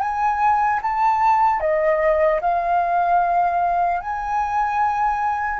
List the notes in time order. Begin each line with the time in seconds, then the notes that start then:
0.00 G#5
0.82 A5
1.60 D#5
2.41 F5
4.01 G#5